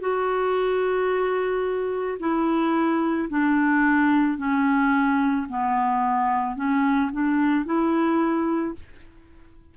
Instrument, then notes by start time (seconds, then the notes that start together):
clarinet
0.00 F#4
2.20 E4
3.29 D4
4.38 C#4
5.49 B3
6.56 C#4
7.12 D4
7.65 E4